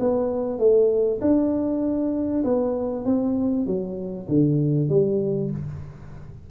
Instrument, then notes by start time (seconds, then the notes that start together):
tuba
0.00 B3
0.59 A3
1.21 D4
2.44 B3
3.06 C4
3.67 F#3
4.29 D3
4.90 G3